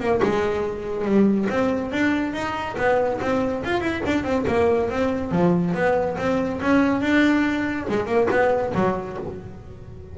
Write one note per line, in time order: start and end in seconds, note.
0.00 0.21 A#3
0.23 1.05 G#3
1.05 1.48 G3
1.50 1.92 C4
1.92 2.34 D4
2.34 2.76 D#4
2.78 3.20 B3
3.22 3.64 C4
3.65 3.81 F4
3.81 4.02 E4
4.06 4.24 D4
4.24 4.45 C4
4.48 4.90 A#3
4.90 5.32 C4
5.32 5.74 F3
5.74 6.17 B3
6.18 6.61 C4
6.62 7.02 C#4
7.02 7.87 D4
7.89 8.07 G#3
8.07 8.28 A#3
8.31 8.73 B3
8.75 9.18 F#3